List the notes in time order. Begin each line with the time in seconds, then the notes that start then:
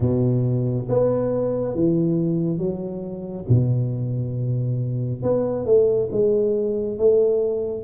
0.00 B2
0.88 B3
1.74 E3
2.58 F#3
3.49 B2
5.22 B3
5.65 A3
6.11 G#3
6.98 A3